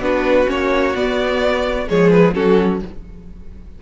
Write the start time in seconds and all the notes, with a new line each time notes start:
0.00 B3 D4 F#4 B4
0.47 A#3 C#4 C#5
0.95 B3 D5
1.87 F3 G#3 G#4 C#5
2.10 B4
2.33 F#3 C#4 F#4 A4